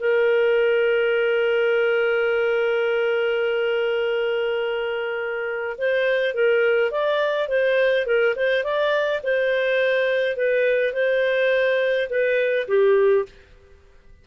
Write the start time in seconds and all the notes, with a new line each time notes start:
0.00 A#4
5.78 C5
6.34 A#4
6.91 D5
7.48 C5
8.06 A#4
8.36 C5
8.64 D5
9.23 C5
10.36 B4
10.93 C5
12.09 B4
12.68 G4